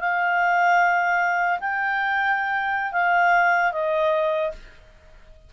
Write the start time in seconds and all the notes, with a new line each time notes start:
0.00 F5
1.60 G5
2.93 F5
3.72 D#5